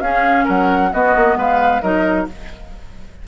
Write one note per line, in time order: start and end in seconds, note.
0.00 0.45 C#4
0.00 0.92 C#4
0.00 0.45 G#4
0.00 0.46 F5
0.45 0.93 F#3
0.45 0.89 A#4
0.45 0.93 F#5
0.93 1.82 B3
0.93 1.16 B3
0.93 1.38 F#4
0.93 1.38 D#5
1.16 1.36 A#3
1.36 1.81 G#3
1.36 1.82 B4
1.36 1.82 F5
1.82 2.27 F#3
1.82 2.27 D#4
1.82 2.27 A#4
1.82 2.27 D#5